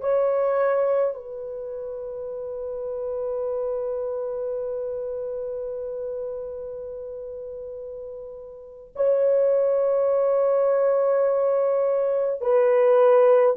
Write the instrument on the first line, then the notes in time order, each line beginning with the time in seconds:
horn
0.00 C#5
1.14 B4
8.95 C#5
12.41 B4